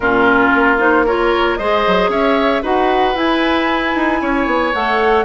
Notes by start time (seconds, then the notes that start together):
0.00 A#2 C#4 F4 A#4
0.54 A#3
0.78 D#4 C5
1.05 F4 A#4 C#5
1.56 G#3 G#4 C5 D#5
1.86 F#3
2.08 C#4 C#5 E5
2.62 D#4 F#4 B4 F#5
3.14 E4 G#5
3.95 D#4
4.21 C#4 C#5
4.46 B3
4.73 A3 A4 F#5